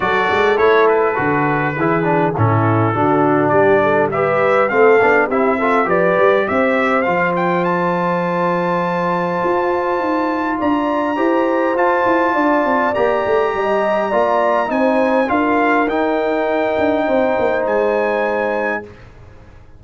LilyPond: <<
  \new Staff \with { instrumentName = "trumpet" } { \time 4/4 \tempo 4 = 102 d''4 cis''8 b'2~ b'8 | a'2 d''4 e''4 | f''4 e''4 d''4 e''4 | f''8 g''8 a''2.~ |
a''2 ais''2 | a''2 ais''2~ | ais''4 gis''4 f''4 g''4~ | g''2 gis''2 | }
  \new Staff \with { instrumentName = "horn" } { \time 4/4 a'2. gis'4 | e'4 fis'4 g'8 a'8 b'4 | a'4 g'8 a'8 b'4 c''4~ | c''1~ |
c''2 d''4 c''4~ | c''4 d''2 dis''4 | d''4 c''4 ais'2~ | ais'4 c''2. | }
  \new Staff \with { instrumentName = "trombone" } { \time 4/4 fis'4 e'4 fis'4 e'8 d'8 | cis'4 d'2 g'4 | c'8 d'8 e'8 f'8 g'2 | f'1~ |
f'2. g'4 | f'2 g'2 | f'4 dis'4 f'4 dis'4~ | dis'1 | }
  \new Staff \with { instrumentName = "tuba" } { \time 4/4 fis8 gis8 a4 d4 e4 | a,4 d4 g2 | a8 b8 c'4 f8 g8 c'4 | f1 |
f'4 dis'4 d'4 e'4 | f'8 e'8 d'8 c'8 ais8 a8 g4 | ais4 c'4 d'4 dis'4~ | dis'8 d'8 c'8 ais8 gis2 | }
>>